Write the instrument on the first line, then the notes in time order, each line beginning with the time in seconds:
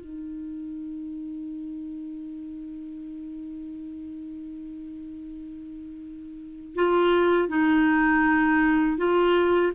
clarinet
0.00 D#4
6.75 F4
7.48 D#4
8.97 F4